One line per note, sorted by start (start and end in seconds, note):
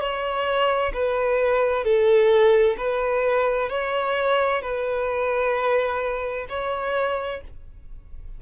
0.00 0.92 C#5
0.94 1.84 B4
1.84 2.77 A4
2.77 3.70 B4
3.70 4.62 C#5
4.62 6.47 B4
6.49 7.41 C#5